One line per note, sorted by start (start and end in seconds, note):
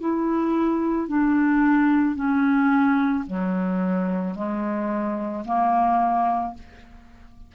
0.00 1.08 E4
1.08 2.15 D4
2.15 3.24 C#4
3.26 4.35 F#3
4.35 5.44 G#3
5.44 6.54 A#3